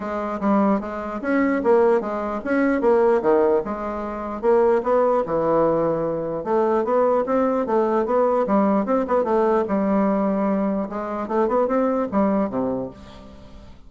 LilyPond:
\new Staff \with { instrumentName = "bassoon" } { \time 4/4 \tempo 4 = 149 gis4 g4 gis4 cis'4 | ais4 gis4 cis'4 ais4 | dis4 gis2 ais4 | b4 e2. |
a4 b4 c'4 a4 | b4 g4 c'8 b8 a4 | g2. gis4 | a8 b8 c'4 g4 c4 | }